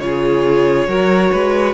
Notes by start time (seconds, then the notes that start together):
0.00 C#3 F4 G#4 C#5
0.87 F#3 F#4 A#4
1.32 G#3 B4